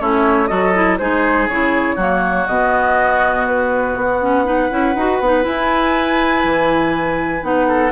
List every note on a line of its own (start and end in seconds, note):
0.00 0.50 A3
0.00 0.48 C#4
0.00 0.49 E4
0.00 0.47 C#5
0.47 1.00 F#3
0.47 0.73 F#4
0.47 0.99 A4
0.47 0.97 D#5
0.74 0.99 E4
0.98 1.48 G#3
0.98 1.50 D#4
0.98 1.96 G#4
0.98 1.48 C5
1.48 1.96 C#3
1.48 1.98 E4
1.48 2.46 C#5
1.96 2.46 F#3
1.96 2.47 A#3
1.96 4.44 F#4
2.46 3.96 B2
2.46 4.21 B3
2.46 3.46 D#5
3.47 3.96 B4
3.96 4.70 B3
3.96 5.45 F#5
4.21 4.45 C#4
4.45 4.69 D#4
4.45 7.67 B4
4.70 4.95 C#4
4.70 4.95 E4
4.95 5.20 D#4
4.95 5.22 F#4
5.20 5.45 B3
5.20 5.42 D#4
5.42 7.41 E4
5.42 6.44 E4
5.42 7.43 G#5
6.44 7.42 E3
7.42 7.92 B3
7.42 7.92 D#4
7.42 7.92 F#5
7.67 7.92 A4